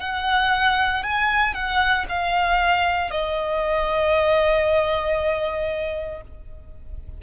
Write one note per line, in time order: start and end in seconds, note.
0.00 1.03 F#5
1.03 1.54 G#5
1.54 2.05 F#5
2.09 3.11 F5
3.11 6.21 D#5